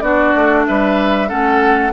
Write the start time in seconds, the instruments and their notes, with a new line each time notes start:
0.00 bassoon B3, clarinet D4, oboe F#4, flute D5
0.35 bassoon A3
0.66 bassoon G3, oboe B4, flute E5
1.28 bassoon A3, clarinet C#4, oboe A4, flute F#5